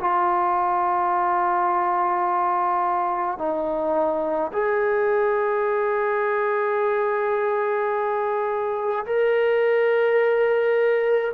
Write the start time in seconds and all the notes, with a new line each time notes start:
0.00 F4
3.38 D#4
4.52 G#4
9.06 A#4